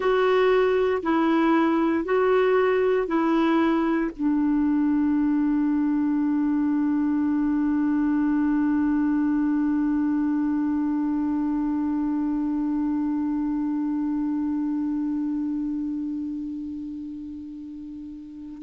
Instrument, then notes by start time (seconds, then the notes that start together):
clarinet
0.00 F#4
1.03 E4
2.04 F#4
3.07 E4
4.16 D4